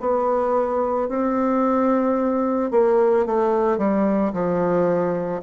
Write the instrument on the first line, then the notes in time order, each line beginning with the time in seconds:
bassoon
0.00 B3
1.09 C4
2.71 A#3
3.26 A3
3.78 G3
4.33 F3